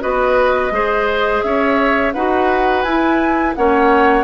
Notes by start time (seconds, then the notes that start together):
0.00 B3 F#4 B4 D#5
0.71 G#3 G#4 C5
1.42 C#4 C#5 E5
2.13 D#4 F#4 B4 F#5
2.82 E4 G#5
3.55 A#3 C#4 C#5 F#5